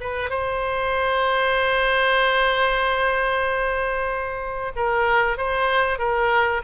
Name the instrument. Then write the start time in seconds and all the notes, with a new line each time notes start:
oboe
0.00 B4
0.30 C5
4.76 A#4
5.37 C5
5.99 A#4